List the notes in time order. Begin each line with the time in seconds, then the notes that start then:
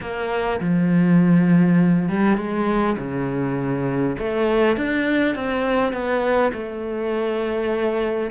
0.00 A#3
0.60 F3
2.08 G3
2.37 G#3
2.98 C#3
4.18 A3
4.77 D4
5.35 C4
5.92 B3
6.52 A3